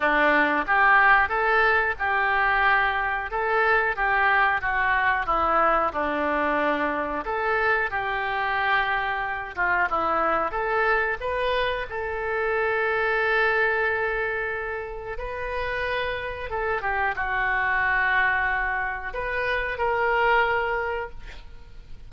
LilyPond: \new Staff \with { instrumentName = "oboe" } { \time 4/4 \tempo 4 = 91 d'4 g'4 a'4 g'4~ | g'4 a'4 g'4 fis'4 | e'4 d'2 a'4 | g'2~ g'8 f'8 e'4 |
a'4 b'4 a'2~ | a'2. b'4~ | b'4 a'8 g'8 fis'2~ | fis'4 b'4 ais'2 | }